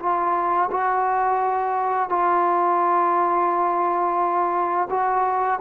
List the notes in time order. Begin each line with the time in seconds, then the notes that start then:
0.00 F4
0.71 F#4
2.10 F4
4.90 F#4